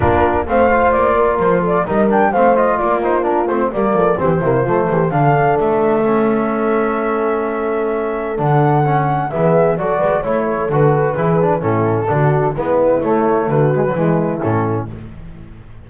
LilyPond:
<<
  \new Staff \with { instrumentName = "flute" } { \time 4/4 \tempo 4 = 129 ais'4 f''4 d''4 c''8 d''8 | dis''8 g''8 f''8 dis''8 d''8 c''8 ais'8 c''8 | d''4 c''2 f''4 | e''1~ |
e''2 fis''2 | e''4 d''4 cis''4 b'4~ | b'4 a'2 b'4 | cis''4 b'2 a'4 | }
  \new Staff \with { instrumentName = "horn" } { \time 4/4 f'4 c''4. ais'4 a'8 | ais'4 c''4 f'2 | ais'8 a'8 g'8 e'8 f'8 g'8 a'4~ | a'1~ |
a'1 | gis'4 a'8 b'8 cis''8 a'4. | gis'4 e'4 fis'4 e'4~ | e'4 fis'4 e'2 | }
  \new Staff \with { instrumentName = "trombone" } { \time 4/4 d'4 c'8 f'2~ f'8 | dis'8 d'8 c'8 f'4 dis'8 d'8 c'8 | ais4 c'8 ais8 a4 d'4~ | d'4 cis'2.~ |
cis'2 d'4 cis'4 | b4 fis'4 e'4 fis'4 | e'8 d'8 cis'4 d'4 b4 | a4. gis16 fis16 gis4 cis'4 | }
  \new Staff \with { instrumentName = "double bass" } { \time 4/4 ais4 a4 ais4 f4 | g4 a4 ais4. a8 | g8 f8 e8 c8 f8 e8 d4 | a1~ |
a2 d2 | e4 fis8 gis8 a4 d4 | e4 a,4 d4 gis4 | a4 d4 e4 a,4 | }
>>